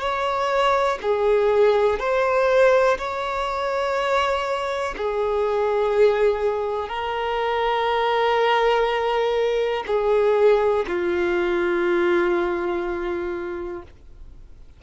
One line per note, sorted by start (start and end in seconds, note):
0.00 0.98 C#5
1.02 1.99 G#4
1.99 2.97 C5
2.98 4.94 C#5
4.97 6.89 G#4
6.89 9.84 A#4
9.86 10.85 G#4
10.87 13.82 F4